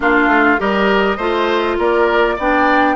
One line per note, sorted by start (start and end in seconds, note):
0.00 0.27 A#3
0.00 0.58 D4
0.00 0.60 F4
0.00 0.60 F5
0.27 0.57 A3
0.58 1.17 G3
0.58 1.17 G4
0.58 1.17 A#4
0.58 1.79 D#5
1.17 1.77 A3
1.17 2.38 F4
1.17 1.76 C5
1.78 2.37 A#3
1.78 2.35 A#4
1.78 2.39 D5
2.35 2.96 B3
2.35 2.96 D4
2.35 2.95 D5
2.35 2.96 G5